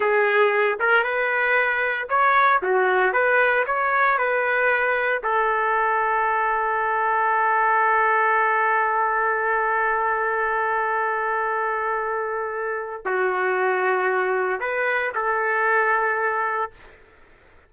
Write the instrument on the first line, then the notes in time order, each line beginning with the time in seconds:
trumpet
0.00 G#4
0.79 A#4
1.03 B4
2.09 C#5
2.62 F#4
3.12 B4
3.66 C#5
4.17 B4
5.23 A4
13.05 F#4
14.60 B4
15.14 A4